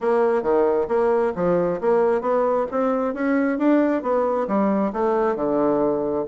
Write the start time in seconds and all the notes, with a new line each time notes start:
0.00 A#3
0.42 D#3
0.88 A#3
1.35 F3
1.80 A#3
2.21 B3
2.71 C4
3.14 C#4
3.58 D4
4.02 B3
4.47 G3
4.93 A3
5.35 D3